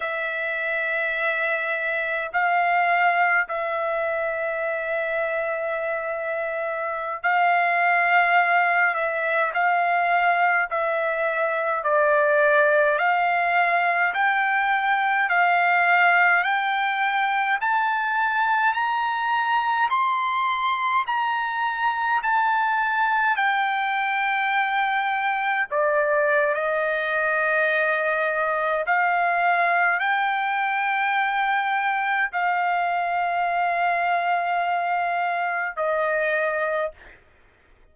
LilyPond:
\new Staff \with { instrumentName = "trumpet" } { \time 4/4 \tempo 4 = 52 e''2 f''4 e''4~ | e''2~ e''16 f''4. e''16~ | e''16 f''4 e''4 d''4 f''8.~ | f''16 g''4 f''4 g''4 a''8.~ |
a''16 ais''4 c'''4 ais''4 a''8.~ | a''16 g''2 d''8. dis''4~ | dis''4 f''4 g''2 | f''2. dis''4 | }